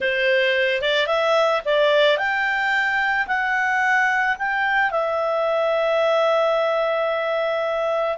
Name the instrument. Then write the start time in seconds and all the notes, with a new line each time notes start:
clarinet
0.00 C5
0.81 D5
1.07 E5
1.65 D5
2.17 G5
3.27 F#5
4.38 G5
4.90 E5